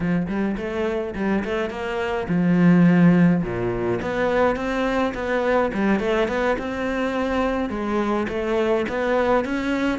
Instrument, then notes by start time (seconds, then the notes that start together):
cello
0.00 F3
0.27 G3
0.57 A3
1.15 G3
1.44 A3
1.70 A#3
2.28 F3
3.43 A#2
4.01 B3
4.56 C4
5.14 B3
5.73 G3
5.99 A3
6.28 B3
6.58 C4
7.69 G#3
8.29 A3
8.89 B3
9.44 C#4